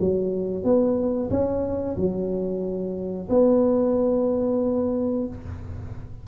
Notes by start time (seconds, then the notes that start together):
0.00 F#3
0.64 B3
1.31 C#4
1.97 F#3
3.30 B3